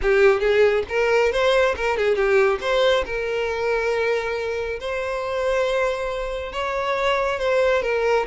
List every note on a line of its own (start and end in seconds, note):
0.02 0.40 G4
0.40 0.83 G#4
0.88 1.31 A#4
1.31 1.75 C5
1.76 1.97 A#4
1.97 2.15 G#4
2.15 2.58 G4
2.60 3.04 C5
3.05 4.79 A#4
4.79 6.52 C5
6.52 7.39 C#5
7.39 7.82 C5
7.82 8.25 A#4